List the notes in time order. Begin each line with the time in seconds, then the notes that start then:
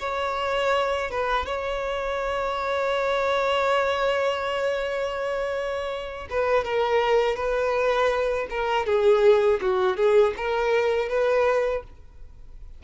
0.00 C#5
1.11 B4
1.46 C#5
6.31 B4
6.65 A#4
7.37 B4
8.50 A#4
8.86 G#4
9.61 F#4
9.97 G#4
10.37 A#4
11.09 B4